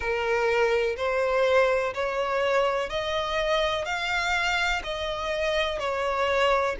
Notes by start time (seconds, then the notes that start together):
0.00 A#4
0.97 C5
1.94 C#5
2.89 D#5
3.84 F5
4.83 D#5
5.79 C#5